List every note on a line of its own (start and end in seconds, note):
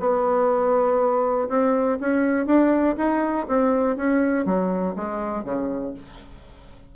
0.00 1.49 B3
1.49 1.99 C4
2.00 2.46 C#4
2.46 2.96 D4
2.98 3.47 D#4
3.48 3.97 C4
3.97 4.46 C#4
4.46 4.95 F#3
4.96 5.45 G#3
5.45 5.94 C#3